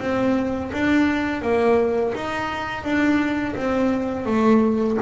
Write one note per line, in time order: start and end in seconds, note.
0.00 0.71 C4
0.73 1.42 D4
1.42 2.13 A#3
2.15 2.84 D#4
2.84 3.55 D4
3.56 4.26 C4
4.26 4.98 A3